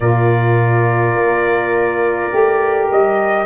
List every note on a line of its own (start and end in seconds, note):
0.00 1.15 A#2
0.00 2.30 F4
0.00 3.45 A#4
0.00 2.87 D5
1.15 2.30 A#3
2.30 2.89 A3
2.30 3.45 G4
2.91 3.45 G3
2.91 3.45 D#5